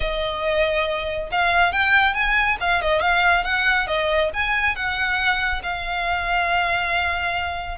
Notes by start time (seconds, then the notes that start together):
0.00 D#5
1.31 F5
1.72 G5
2.14 G#5
2.60 F5
2.81 D#5
3.01 F5
3.44 F#5
3.87 D#5
4.33 G#5
4.75 F#5
5.62 F5